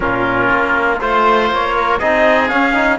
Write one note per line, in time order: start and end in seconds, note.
0.00 0.49 A#2
0.00 0.98 C#4
0.00 1.01 F4
0.00 1.00 A#4
0.50 1.00 A#3
1.00 1.50 A3
1.00 2.00 F4
1.00 1.50 C5
1.00 1.75 C5
1.51 2.01 A#3
1.51 1.99 C#5
1.75 1.98 A#4
1.98 2.51 C4
1.98 2.49 D#4
1.98 2.98 G#4
1.98 2.48 D#5
2.48 2.73 C#4
2.48 2.99 C#4
2.48 2.98 F5
2.73 2.98 D#4